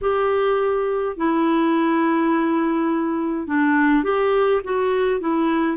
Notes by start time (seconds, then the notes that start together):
0.01 G4
1.16 E4
3.47 D4
4.03 G4
4.64 F#4
5.20 E4